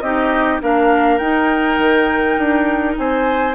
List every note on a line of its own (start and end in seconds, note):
0.00 0.60 C4
0.00 0.61 D#4
0.00 0.62 G4
0.00 0.59 D#5
0.61 1.19 A#3
0.61 1.20 D4
0.61 2.98 A#4
0.61 1.18 F5
1.18 1.78 D#4
1.18 3.55 D#4
1.18 2.94 G5
1.78 2.37 D#3
2.37 2.96 D4
2.98 3.55 C4
2.98 3.55 C5
2.98 3.55 G#5